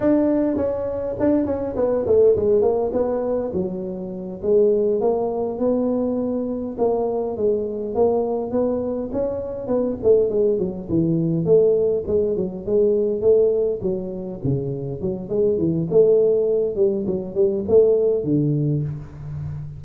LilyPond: \new Staff \with { instrumentName = "tuba" } { \time 4/4 \tempo 4 = 102 d'4 cis'4 d'8 cis'8 b8 a8 | gis8 ais8 b4 fis4. gis8~ | gis8 ais4 b2 ais8~ | ais8 gis4 ais4 b4 cis'8~ |
cis'8 b8 a8 gis8 fis8 e4 a8~ | a8 gis8 fis8 gis4 a4 fis8~ | fis8 cis4 fis8 gis8 e8 a4~ | a8 g8 fis8 g8 a4 d4 | }